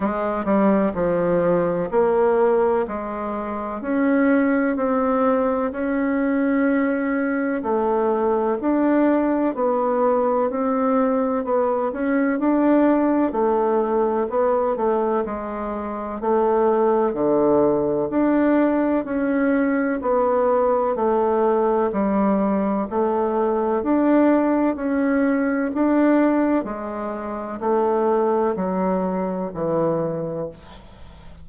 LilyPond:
\new Staff \with { instrumentName = "bassoon" } { \time 4/4 \tempo 4 = 63 gis8 g8 f4 ais4 gis4 | cis'4 c'4 cis'2 | a4 d'4 b4 c'4 | b8 cis'8 d'4 a4 b8 a8 |
gis4 a4 d4 d'4 | cis'4 b4 a4 g4 | a4 d'4 cis'4 d'4 | gis4 a4 fis4 e4 | }